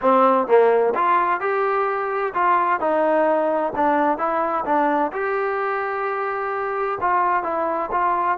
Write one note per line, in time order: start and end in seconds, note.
0.01 0.47 C4
0.47 0.93 A#3
0.95 1.40 F4
1.40 2.33 G4
2.34 2.79 F4
2.79 3.73 D#4
3.75 4.18 D4
4.18 4.64 E4
4.65 5.11 D4
5.12 6.98 G4
7.00 7.43 F4
7.43 7.89 E4
7.91 8.37 F4